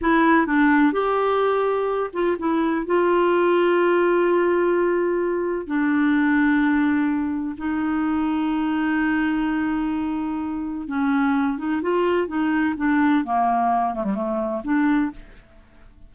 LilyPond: \new Staff \with { instrumentName = "clarinet" } { \time 4/4 \tempo 4 = 127 e'4 d'4 g'2~ | g'8 f'8 e'4 f'2~ | f'1 | d'1 |
dis'1~ | dis'2. cis'4~ | cis'8 dis'8 f'4 dis'4 d'4 | ais4. a16 g16 a4 d'4 | }